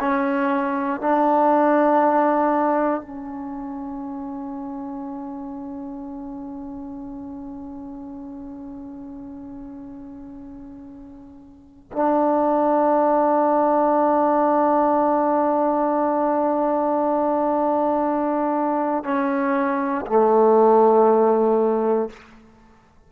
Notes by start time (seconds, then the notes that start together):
0.00 C#4
1.01 D4
3.01 C#4
11.93 D4
19.04 C#4
20.07 A3